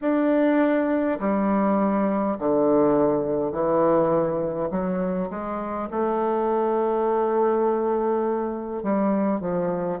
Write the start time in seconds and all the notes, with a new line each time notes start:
0.01 D4
1.19 G3
2.39 D3
3.51 E3
4.71 F#3
5.29 G#3
5.90 A3
8.82 G3
9.40 F3